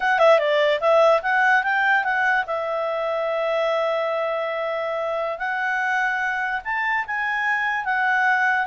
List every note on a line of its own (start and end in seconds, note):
0.00 0.18 F#5
0.19 0.38 E5
0.38 0.79 D5
0.80 1.21 E5
1.22 1.63 F#5
1.63 2.04 G5
2.04 2.45 F#5
2.46 5.38 E5
5.38 6.60 F#5
6.64 7.05 A5
7.06 7.84 G#5
7.84 8.66 F#5